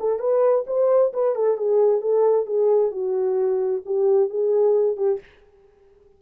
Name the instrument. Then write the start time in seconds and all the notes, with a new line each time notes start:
horn
0.00 A4
0.19 B4
0.67 C5
1.13 B4
1.35 A4
1.57 G#4
2.01 A4
2.46 G#4
2.91 F#4
3.86 G4
4.30 G#4
4.97 G4